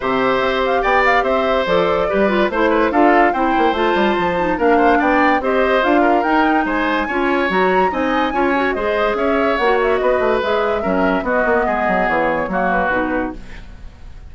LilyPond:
<<
  \new Staff \with { instrumentName = "flute" } { \time 4/4 \tempo 4 = 144 e''4. f''8 g''8 f''8 e''4 | d''2 c''4 f''4 | g''4 a''2 f''4 | g''4 dis''4 f''4 g''4 |
gis''2 ais''4 gis''4~ | gis''4 dis''4 e''4 fis''8 e''8 | dis''4 e''2 dis''4~ | dis''4 cis''4. b'4. | }
  \new Staff \with { instrumentName = "oboe" } { \time 4/4 c''2 d''4 c''4~ | c''4 b'4 c''8 b'8 a'4 | c''2. ais'8 c''8 | d''4 c''4. ais'4. |
c''4 cis''2 dis''4 | cis''4 c''4 cis''2 | b'2 ais'4 fis'4 | gis'2 fis'2 | }
  \new Staff \with { instrumentName = "clarinet" } { \time 4/4 g'1 | a'4 g'8 f'8 e'4 f'4 | e'4 f'4. dis'8 d'4~ | d'4 g'4 f'4 dis'4~ |
dis'4 f'4 fis'4 dis'4 | f'8 fis'8 gis'2 fis'4~ | fis'4 gis'4 cis'4 b4~ | b2 ais4 dis'4 | }
  \new Staff \with { instrumentName = "bassoon" } { \time 4/4 c4 c'4 b4 c'4 | f4 g4 a4 d'4 | c'8 ais8 a8 g8 f4 ais4 | b4 c'4 d'4 dis'4 |
gis4 cis'4 fis4 c'4 | cis'4 gis4 cis'4 ais4 | b8 a8 gis4 fis4 b8 ais8 | gis8 fis8 e4 fis4 b,4 | }
>>